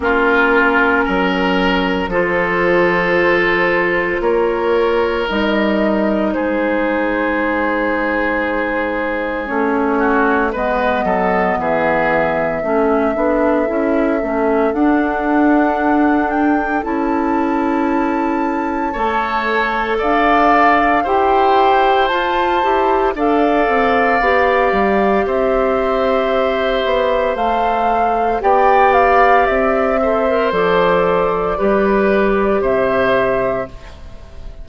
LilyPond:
<<
  \new Staff \with { instrumentName = "flute" } { \time 4/4 \tempo 4 = 57 ais'2 c''2 | cis''4 dis''4 c''2~ | c''4 cis''4 dis''4 e''4~ | e''2 fis''4. g''8 |
a''2. f''4 | g''4 a''4 f''2 | e''2 f''4 g''8 f''8 | e''4 d''2 e''4 | }
  \new Staff \with { instrumentName = "oboe" } { \time 4/4 f'4 ais'4 a'2 | ais'2 gis'2~ | gis'4. fis'8 b'8 a'8 gis'4 | a'1~ |
a'2 cis''4 d''4 | c''2 d''2 | c''2. d''4~ | d''8 c''4. b'4 c''4 | }
  \new Staff \with { instrumentName = "clarinet" } { \time 4/4 cis'2 f'2~ | f'4 dis'2.~ | dis'4 cis'4 b2 | cis'8 d'8 e'8 cis'8 d'2 |
e'2 a'2 | g'4 f'8 g'8 a'4 g'4~ | g'2 a'4 g'4~ | g'8 a'16 ais'16 a'4 g'2 | }
  \new Staff \with { instrumentName = "bassoon" } { \time 4/4 ais4 fis4 f2 | ais4 g4 gis2~ | gis4 a4 gis8 fis8 e4 | a8 b8 cis'8 a8 d'2 |
cis'2 a4 d'4 | e'4 f'8 e'8 d'8 c'8 b8 g8 | c'4. b8 a4 b4 | c'4 f4 g4 c4 | }
>>